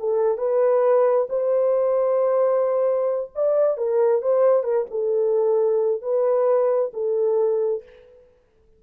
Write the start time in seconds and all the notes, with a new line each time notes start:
0.00 A4
0.38 B4
1.30 C5
3.36 D5
3.78 A#4
4.23 C5
4.64 A#4
4.91 A4
6.02 B4
6.94 A4